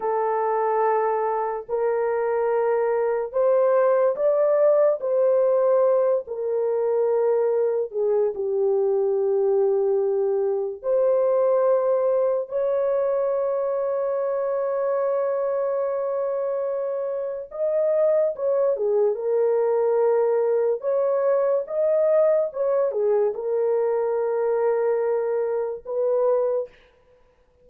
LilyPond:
\new Staff \with { instrumentName = "horn" } { \time 4/4 \tempo 4 = 72 a'2 ais'2 | c''4 d''4 c''4. ais'8~ | ais'4. gis'8 g'2~ | g'4 c''2 cis''4~ |
cis''1~ | cis''4 dis''4 cis''8 gis'8 ais'4~ | ais'4 cis''4 dis''4 cis''8 gis'8 | ais'2. b'4 | }